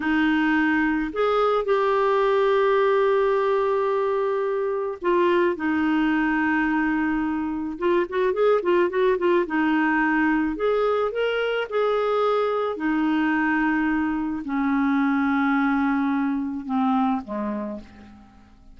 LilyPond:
\new Staff \with { instrumentName = "clarinet" } { \time 4/4 \tempo 4 = 108 dis'2 gis'4 g'4~ | g'1~ | g'4 f'4 dis'2~ | dis'2 f'8 fis'8 gis'8 f'8 |
fis'8 f'8 dis'2 gis'4 | ais'4 gis'2 dis'4~ | dis'2 cis'2~ | cis'2 c'4 gis4 | }